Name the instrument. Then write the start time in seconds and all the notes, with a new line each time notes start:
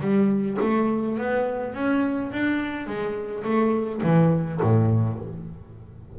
double bass
0.00 G3
0.61 A3
1.18 B3
1.74 C#4
2.32 D4
2.86 G#3
3.44 A3
4.03 E3
4.62 A2